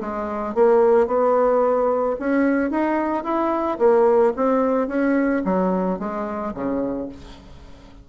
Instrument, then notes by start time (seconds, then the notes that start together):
bassoon
0.00 G#3
0.54 A#3
1.07 B3
2.19 C#4
2.70 D#4
3.24 E4
3.78 A#3
4.36 C4
4.88 C#4
5.44 F#3
5.99 G#3
6.54 C#3